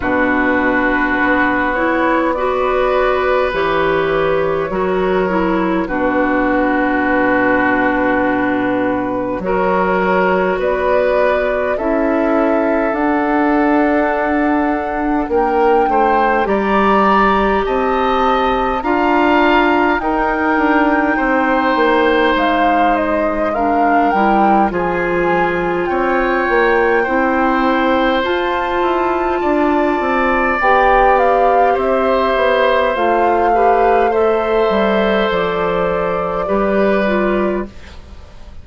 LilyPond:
<<
  \new Staff \with { instrumentName = "flute" } { \time 4/4 \tempo 4 = 51 b'4. cis''8 d''4 cis''4~ | cis''4 b'2. | cis''4 d''4 e''4 fis''4~ | fis''4 g''4 ais''4 a''4 |
ais''4 g''2 f''8 dis''8 | f''8 g''8 gis''4 g''2 | a''2 g''8 f''8 e''4 | f''4 e''4 d''2 | }
  \new Staff \with { instrumentName = "oboe" } { \time 4/4 fis'2 b'2 | ais'4 fis'2. | ais'4 b'4 a'2~ | a'4 ais'8 c''8 d''4 dis''4 |
f''4 ais'4 c''2 | ais'4 gis'4 cis''4 c''4~ | c''4 d''2 c''4~ | c''8 b'8 c''2 b'4 | }
  \new Staff \with { instrumentName = "clarinet" } { \time 4/4 d'4. e'8 fis'4 g'4 | fis'8 e'8 d'2. | fis'2 e'4 d'4~ | d'2 g'2 |
f'4 dis'2. | d'8 e'8 f'2 e'4 | f'2 g'2 | f'8 g'8 a'2 g'8 f'8 | }
  \new Staff \with { instrumentName = "bassoon" } { \time 4/4 b,4 b2 e4 | fis4 b,2. | fis4 b4 cis'4 d'4~ | d'4 ais8 a8 g4 c'4 |
d'4 dis'8 d'8 c'8 ais8 gis4~ | gis8 g8 f4 c'8 ais8 c'4 | f'8 e'8 d'8 c'8 b4 c'8 b8 | a4. g8 f4 g4 | }
>>